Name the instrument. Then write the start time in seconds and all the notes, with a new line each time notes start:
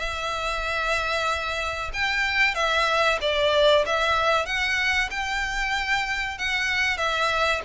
violin
0.00 E5
1.94 G5
2.55 E5
3.21 D5
3.86 E5
4.46 F#5
5.11 G5
6.39 F#5
6.98 E5